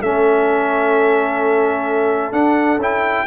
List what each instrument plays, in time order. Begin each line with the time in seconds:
0.00 tuba A3, trombone C#4, horn A4, trumpet E5
2.32 trombone D4, tuba D4, trumpet F#5
2.78 tuba C#4, trombone E4, trumpet G5